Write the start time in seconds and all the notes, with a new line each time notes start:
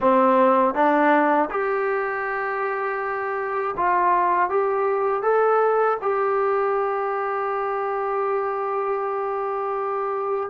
0.00 C4
0.74 D4
1.50 G4
3.77 F4
4.49 G4
5.22 A4
6.01 G4